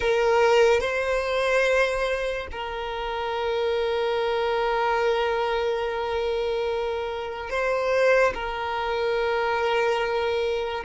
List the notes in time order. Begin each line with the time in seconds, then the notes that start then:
0.00 A#4
0.80 C5
2.51 A#4
7.50 C5
8.33 A#4